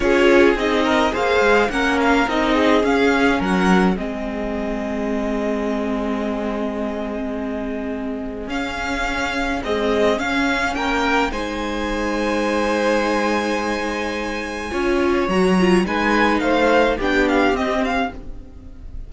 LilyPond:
<<
  \new Staff \with { instrumentName = "violin" } { \time 4/4 \tempo 4 = 106 cis''4 dis''4 f''4 fis''8 f''8 | dis''4 f''4 fis''4 dis''4~ | dis''1~ | dis''2. f''4~ |
f''4 dis''4 f''4 g''4 | gis''1~ | gis''2. ais''4 | gis''4 f''4 g''8 f''8 dis''8 f''8 | }
  \new Staff \with { instrumentName = "violin" } { \time 4/4 gis'4. ais'8 c''4 ais'4~ | ais'8 gis'4. ais'4 gis'4~ | gis'1~ | gis'1~ |
gis'2. ais'4 | c''1~ | c''2 cis''2 | b'4 c''4 g'2 | }
  \new Staff \with { instrumentName = "viola" } { \time 4/4 f'4 dis'4 gis'4 cis'4 | dis'4 cis'2 c'4~ | c'1~ | c'2. cis'4~ |
cis'4 gis4 cis'2 | dis'1~ | dis'2 f'4 fis'8 f'8 | dis'2 d'4 c'4 | }
  \new Staff \with { instrumentName = "cello" } { \time 4/4 cis'4 c'4 ais8 gis8 ais4 | c'4 cis'4 fis4 gis4~ | gis1~ | gis2. cis'4~ |
cis'4 c'4 cis'4 ais4 | gis1~ | gis2 cis'4 fis4 | gis4 a4 b4 c'4 | }
>>